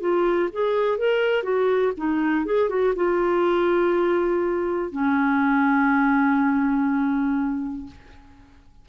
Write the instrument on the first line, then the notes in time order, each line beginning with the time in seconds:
clarinet
0.00 F4
0.52 G#4
0.98 A#4
1.44 F#4
1.97 D#4
2.46 G#4
2.69 F#4
2.96 F4
4.91 C#4